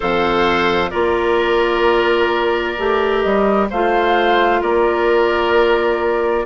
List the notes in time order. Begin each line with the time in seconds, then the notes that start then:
0.00 F2 A4 C5 F5
0.90 A#3 F4 A#4 D5
2.77 A3 G4
3.21 G3 D#5
3.70 A3 F4 C5 F5
4.61 A#3 A#4 D5